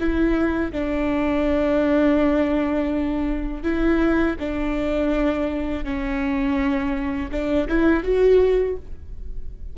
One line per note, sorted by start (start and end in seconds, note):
0.00 0.72 E4
0.72 3.63 D4
3.63 4.36 E4
4.39 5.84 D4
5.84 7.31 C#4
7.31 7.68 D4
7.69 8.04 E4
8.04 8.77 F#4